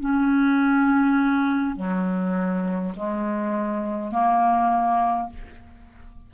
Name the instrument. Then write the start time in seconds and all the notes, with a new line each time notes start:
clarinet
0.00 C#4
1.76 F#3
2.96 G#3
4.12 A#3